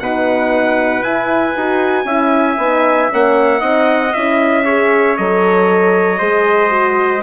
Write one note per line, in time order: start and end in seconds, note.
0.00 1.03 B2
0.00 1.03 D#4
0.00 2.07 B4
0.00 1.03 F#5
1.03 1.55 E4
1.03 3.10 G#5
1.56 2.05 D#4
1.56 2.07 F#4
2.05 2.57 C#4
2.05 2.59 E4
2.05 3.61 E5
2.58 3.09 B3
2.58 3.10 D#4
3.10 3.62 A#3
3.10 3.59 C#4
3.10 4.14 F#5
3.59 4.14 C4
3.59 4.11 D#4
3.59 4.64 D#5
4.14 5.19 C#4
4.14 4.66 E4
4.14 5.17 E5
4.65 5.17 G#4
4.65 6.19 C#5
5.17 6.21 F#3
5.17 6.19 A4
5.17 7.23 D#5
6.19 7.23 G#3
6.19 6.70 G#4
6.19 7.22 C5
6.70 7.21 F#4